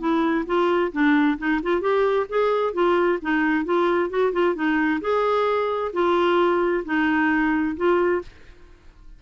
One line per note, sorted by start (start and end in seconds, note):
0.00 0.45 E4
0.47 0.92 F4
0.93 1.38 D4
1.39 1.61 D#4
1.63 1.82 F4
1.82 2.27 G4
2.30 2.74 G#4
2.74 3.19 F4
3.22 3.65 D#4
3.65 4.10 F4
4.10 4.33 F#4
4.33 4.55 F4
4.55 5.01 D#4
5.01 5.92 G#4
5.93 6.84 F4
6.86 7.77 D#4
7.77 8.23 F4